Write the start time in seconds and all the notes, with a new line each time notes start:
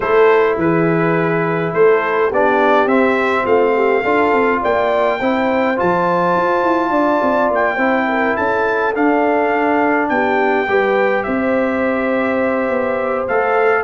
0.00 A3 E4 A4 C5
0.57 E3 G#4 B4
1.73 A3 A4 C5
2.27 B3 G4 D5
2.33 D4
2.85 C4 E5
3.43 A3 F4 F5
3.75 G4
4.02 D4 F4 A4
4.32 C4
4.61 A#3 D5 G5
5.19 C4 E4 C5
5.76 F3 F4 A5
6.36 F4
6.63 E4
6.90 D4 D5
7.22 C4
7.50 A#3 G5
7.75 C4 E4 C5
8.07 A#4
8.36 C#4 A4 A5
8.94 D4 F5
10.08 B3 G4 G5
10.67 G3 G4 B4
11.23 C4 C5 E5
12.69 B3
13.27 A3 A4 F5